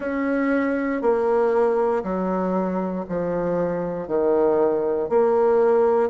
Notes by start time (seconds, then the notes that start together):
0.00 C#4
1.01 A#3
2.03 F#3
3.08 F3
4.07 D#3
5.08 A#3